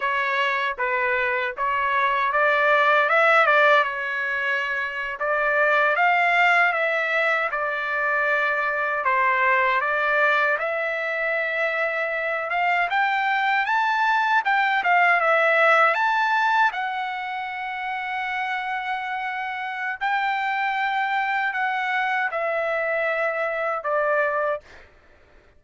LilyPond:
\new Staff \with { instrumentName = "trumpet" } { \time 4/4 \tempo 4 = 78 cis''4 b'4 cis''4 d''4 | e''8 d''8 cis''4.~ cis''16 d''4 f''16~ | f''8. e''4 d''2 c''16~ | c''8. d''4 e''2~ e''16~ |
e''16 f''8 g''4 a''4 g''8 f''8 e''16~ | e''8. a''4 fis''2~ fis''16~ | fis''2 g''2 | fis''4 e''2 d''4 | }